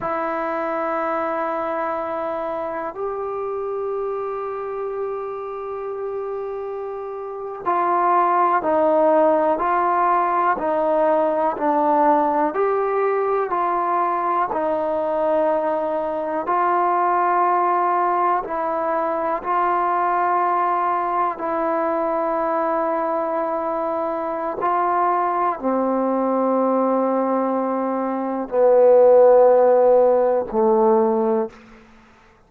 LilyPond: \new Staff \with { instrumentName = "trombone" } { \time 4/4 \tempo 4 = 61 e'2. g'4~ | g'2.~ g'8. f'16~ | f'8. dis'4 f'4 dis'4 d'16~ | d'8. g'4 f'4 dis'4~ dis'16~ |
dis'8. f'2 e'4 f'16~ | f'4.~ f'16 e'2~ e'16~ | e'4 f'4 c'2~ | c'4 b2 a4 | }